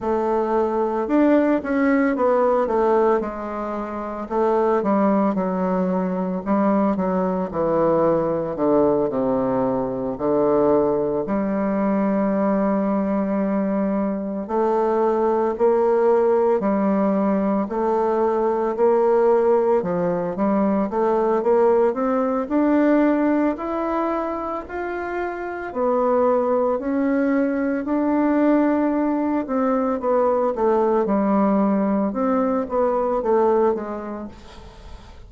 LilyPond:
\new Staff \with { instrumentName = "bassoon" } { \time 4/4 \tempo 4 = 56 a4 d'8 cis'8 b8 a8 gis4 | a8 g8 fis4 g8 fis8 e4 | d8 c4 d4 g4.~ | g4. a4 ais4 g8~ |
g8 a4 ais4 f8 g8 a8 | ais8 c'8 d'4 e'4 f'4 | b4 cis'4 d'4. c'8 | b8 a8 g4 c'8 b8 a8 gis8 | }